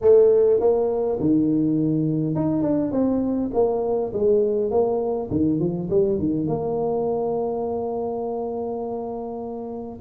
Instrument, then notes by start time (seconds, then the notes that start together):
tuba
0.01 A3
0.60 A#3
1.20 D#3
2.35 D#4
2.62 D4
2.91 C4
3.53 A#3
4.13 G#3
4.71 A#3
5.30 D#3
5.59 F3
5.90 G3
6.18 D#3
6.47 A#3